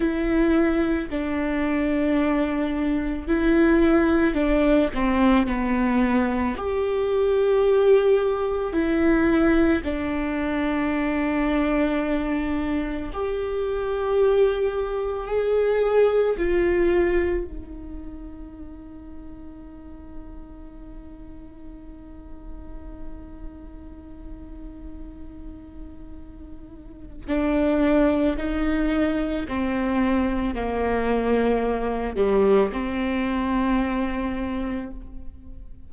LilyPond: \new Staff \with { instrumentName = "viola" } { \time 4/4 \tempo 4 = 55 e'4 d'2 e'4 | d'8 c'8 b4 g'2 | e'4 d'2. | g'2 gis'4 f'4 |
dis'1~ | dis'1~ | dis'4 d'4 dis'4 c'4 | ais4. g8 c'2 | }